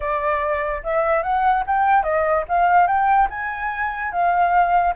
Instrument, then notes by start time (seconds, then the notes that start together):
flute
0.00 D5
0.83 E5
1.23 F#5
1.66 G5
2.03 D#5
2.48 F5
2.87 G5
3.30 G#5
4.12 F5